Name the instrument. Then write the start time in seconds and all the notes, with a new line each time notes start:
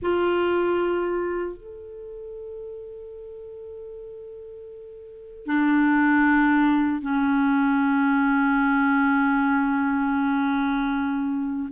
clarinet
0.02 F4
1.56 A4
5.45 D4
7.01 C#4